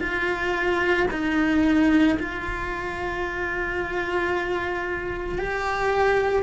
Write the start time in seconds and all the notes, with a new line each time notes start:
0.00 F4
1.11 D#4
2.20 F4
5.39 G4